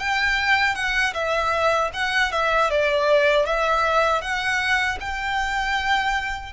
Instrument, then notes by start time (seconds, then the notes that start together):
violin
0.00 G5
0.76 F#5
1.14 E5
1.94 F#5
2.32 E5
2.70 D5
3.46 E5
4.22 F#5
5.01 G5